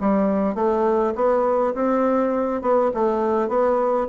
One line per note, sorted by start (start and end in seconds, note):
0.00 0.54 G3
0.54 1.13 A3
1.15 1.74 B3
1.74 2.61 C4
2.61 2.91 B3
2.94 3.48 A3
3.48 4.07 B3